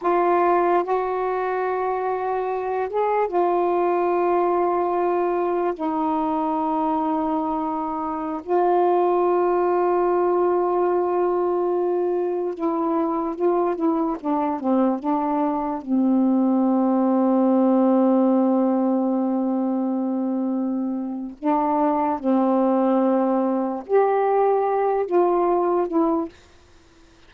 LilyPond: \new Staff \with { instrumentName = "saxophone" } { \time 4/4 \tempo 4 = 73 f'4 fis'2~ fis'8 gis'8 | f'2. dis'4~ | dis'2~ dis'16 f'4.~ f'16~ | f'2.~ f'16 e'8.~ |
e'16 f'8 e'8 d'8 c'8 d'4 c'8.~ | c'1~ | c'2 d'4 c'4~ | c'4 g'4. f'4 e'8 | }